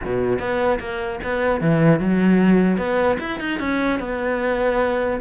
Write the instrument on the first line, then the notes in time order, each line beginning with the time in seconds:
cello
0.04 B2
0.39 B3
0.79 A#3
1.23 B3
1.60 E3
1.99 F#3
2.77 B3
3.19 E4
3.39 D#4
3.59 C#4
3.99 B3